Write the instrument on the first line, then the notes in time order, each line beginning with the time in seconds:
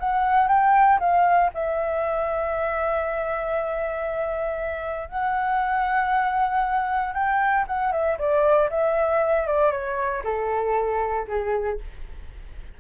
flute
0.00 F#5
0.48 G5
1.00 F5
1.54 E5
5.09 F#5
7.14 G5
7.68 F#5
7.92 E5
8.19 D5
8.70 E5
9.47 D5
9.72 C#5
10.24 A4
11.28 G#4